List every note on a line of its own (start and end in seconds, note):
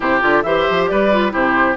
0.00 0.21 C3
0.00 0.20 E4
0.00 0.43 G4
0.00 0.23 C5
0.20 0.44 D3
0.20 0.42 F4
0.20 0.42 D5
0.42 0.66 E3
0.42 1.12 G4
0.42 0.90 C5
0.42 0.87 E5
0.69 0.90 F3
0.87 1.34 G3
0.87 1.32 B4
0.87 1.32 D5
1.12 1.30 F4
1.30 1.76 C3
1.30 1.74 E4
1.30 1.76 G4
1.30 1.76 C5